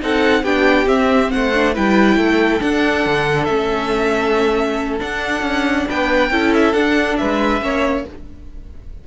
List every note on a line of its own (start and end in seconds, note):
0.00 0.43 C4
0.00 0.43 D#4
0.00 0.43 A4
0.00 0.44 F#5
0.43 0.86 B3
0.43 0.86 D4
0.43 1.30 G4
0.43 0.88 G5
0.86 1.51 C4
0.86 1.31 C4
0.86 1.31 E5
1.31 1.77 A3
1.31 1.74 C5
1.31 1.74 F#5
1.54 1.75 D4
1.74 2.17 G3
1.74 2.60 E4
1.74 2.17 B4
1.74 2.61 G5
2.17 2.60 A3
2.17 5.87 A4
2.60 3.47 D4
2.60 3.05 D4
2.60 3.44 F#5
3.05 3.48 D3
3.44 5.00 A3
3.44 5.00 C#4
3.44 4.97 E5
5.00 6.30 D4
5.00 5.42 D4
5.00 5.88 F#5
5.42 5.85 C#4
5.89 6.31 B3
5.89 6.32 B4
5.89 6.54 G5
6.31 6.73 C#4
6.31 6.75 E4
6.31 7.19 A4
6.54 6.73 E5
6.73 7.16 D4
6.73 7.61 D4
6.73 7.17 F#5
7.17 7.61 G#3
7.17 7.63 B4
7.17 8.04 E5
7.61 8.04 A#3
7.61 8.05 C#4
7.61 8.07 C#5